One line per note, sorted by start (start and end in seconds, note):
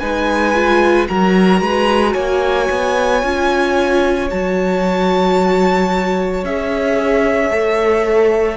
0.00 1.09 G#3
0.00 0.55 D#4
0.00 1.08 B4
0.00 1.07 G#5
0.55 1.08 F4
1.08 1.61 F#3
1.08 3.22 F#4
1.08 1.63 A#4
1.08 2.14 A#5
1.61 2.15 G#3
1.61 2.13 B4
2.13 2.69 A#3
2.13 8.56 C#5
2.13 4.28 G#5
2.70 3.23 B3
3.23 4.30 C#4
3.23 4.30 F4
4.31 6.44 F#3
4.31 6.45 F#4
4.31 6.45 A5
6.44 7.51 C#4
6.44 7.51 G#4
6.44 8.58 E5
7.51 8.58 A3
7.51 8.58 A4